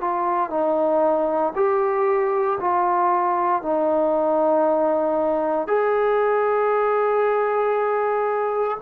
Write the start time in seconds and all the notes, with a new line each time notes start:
0.00 F4
0.49 D#4
1.55 G4
2.60 F4
3.62 D#4
5.67 G#4